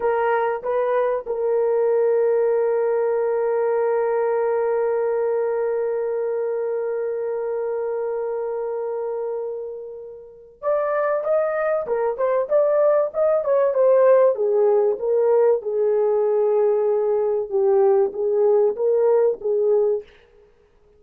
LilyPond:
\new Staff \with { instrumentName = "horn" } { \time 4/4 \tempo 4 = 96 ais'4 b'4 ais'2~ | ais'1~ | ais'1~ | ais'1~ |
ais'4 d''4 dis''4 ais'8 c''8 | d''4 dis''8 cis''8 c''4 gis'4 | ais'4 gis'2. | g'4 gis'4 ais'4 gis'4 | }